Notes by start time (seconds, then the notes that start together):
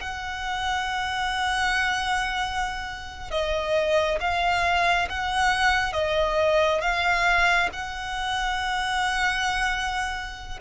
0.00 F#5
3.31 D#5
4.20 F5
5.09 F#5
5.93 D#5
6.81 F5
7.73 F#5